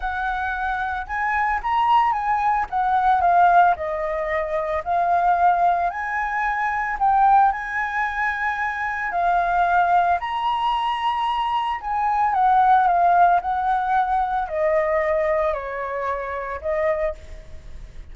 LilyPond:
\new Staff \with { instrumentName = "flute" } { \time 4/4 \tempo 4 = 112 fis''2 gis''4 ais''4 | gis''4 fis''4 f''4 dis''4~ | dis''4 f''2 gis''4~ | gis''4 g''4 gis''2~ |
gis''4 f''2 ais''4~ | ais''2 gis''4 fis''4 | f''4 fis''2 dis''4~ | dis''4 cis''2 dis''4 | }